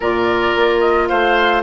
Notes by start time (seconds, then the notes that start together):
0.00 A#2 F4 A#4 D5
0.55 A#3
0.80 D#5
1.08 A3 C5 F5